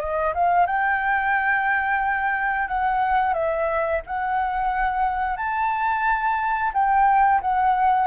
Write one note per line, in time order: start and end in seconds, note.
0.00 0.34 D#5
0.34 0.66 F5
0.66 2.68 G5
2.68 3.34 F#5
3.34 4.01 E5
4.06 5.37 F#5
5.37 6.72 A5
6.74 7.41 G5
7.41 8.07 F#5